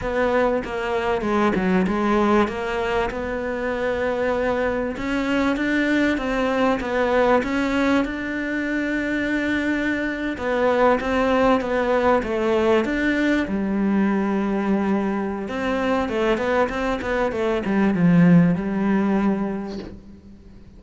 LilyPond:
\new Staff \with { instrumentName = "cello" } { \time 4/4 \tempo 4 = 97 b4 ais4 gis8 fis8 gis4 | ais4 b2. | cis'4 d'4 c'4 b4 | cis'4 d'2.~ |
d'8. b4 c'4 b4 a16~ | a8. d'4 g2~ g16~ | g4 c'4 a8 b8 c'8 b8 | a8 g8 f4 g2 | }